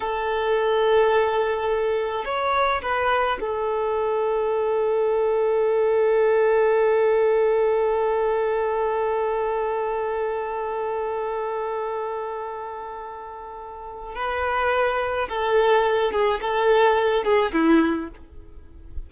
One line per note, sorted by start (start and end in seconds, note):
0.00 2.25 A4
2.25 2.81 C#5
2.81 3.38 B4
3.40 14.15 A4
14.15 15.28 B4
15.29 16.12 A4
16.12 16.40 G#4
16.41 17.24 A4
17.24 17.52 G#4
17.53 18.09 E4